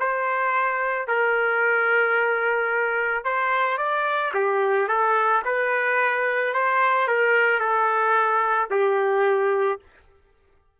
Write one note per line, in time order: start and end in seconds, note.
0.00 1.08 C5
1.08 3.25 A#4
3.25 3.78 C5
3.78 4.32 D5
4.34 4.88 G4
4.88 5.42 A4
5.45 6.54 B4
6.54 7.08 C5
7.08 7.60 A#4
7.60 8.69 A4
8.70 9.79 G4